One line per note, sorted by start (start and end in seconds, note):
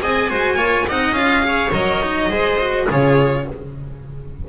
0.00 0.31 C4
0.00 0.29 G#4
0.00 0.30 D#5
0.00 0.89 G#5
0.30 0.56 G#3
0.30 0.58 F#4
0.30 0.57 C5
0.56 0.85 A#3
0.56 0.87 F4
0.56 0.86 C#5
0.88 1.12 C4
0.88 1.17 D#4
0.88 1.46 D#5
0.88 1.14 F#5
1.12 1.70 C#4
1.12 1.42 F4
1.12 1.72 F5
1.42 1.71 G#4
1.42 2.30 C#5
1.72 2.30 F#3
1.72 2.03 A#4
1.72 2.88 D#5
2.03 2.31 D#4
2.30 2.87 G#3
2.30 2.59 G#4
2.30 2.87 C5
2.60 2.89 F#4
2.87 3.48 C#3
2.87 3.48 F4
2.87 3.44 G#4
2.87 3.49 C#5